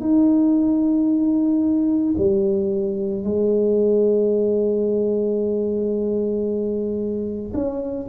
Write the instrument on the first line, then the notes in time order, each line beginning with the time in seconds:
tuba
0.00 D#4
2.17 G3
3.23 G#3
7.54 C#4